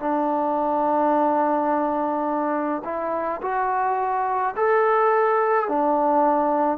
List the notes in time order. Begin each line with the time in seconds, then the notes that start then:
0.00 D4
2.85 E4
3.42 F#4
4.57 A4
5.69 D4